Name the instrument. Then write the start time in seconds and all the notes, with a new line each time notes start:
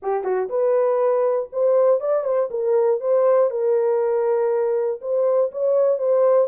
horn
0.02 G4
0.23 F#4
0.49 B4
1.52 C5
2.00 D5
2.24 C5
2.50 A#4
3.00 C5
3.50 A#4
5.01 C5
5.51 C#5
5.98 C5